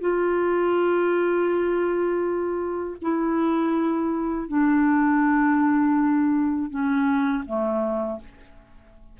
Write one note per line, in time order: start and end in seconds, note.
0.00 2.96 F4
3.01 4.48 E4
4.48 6.70 D4
6.70 7.44 C#4
7.45 8.20 A3